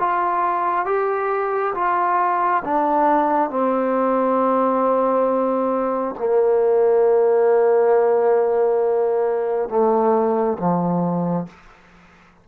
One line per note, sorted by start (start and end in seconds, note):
0.00 0.86 F4
0.86 1.74 G4
1.75 2.64 F4
2.65 3.51 D4
3.51 6.16 C4
6.19 9.69 A#3
9.69 10.58 A3
10.59 11.47 F3